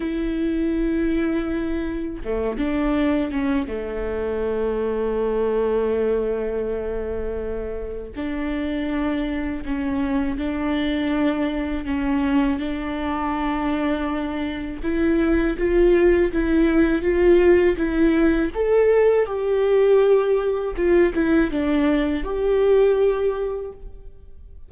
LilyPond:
\new Staff \with { instrumentName = "viola" } { \time 4/4 \tempo 4 = 81 e'2. a8 d'8~ | d'8 cis'8 a2.~ | a2. d'4~ | d'4 cis'4 d'2 |
cis'4 d'2. | e'4 f'4 e'4 f'4 | e'4 a'4 g'2 | f'8 e'8 d'4 g'2 | }